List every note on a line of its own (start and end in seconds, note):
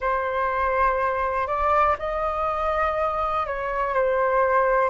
0.00 1.47 C5
1.47 1.96 D5
1.99 3.46 D#5
3.46 3.93 C#5
3.93 4.89 C5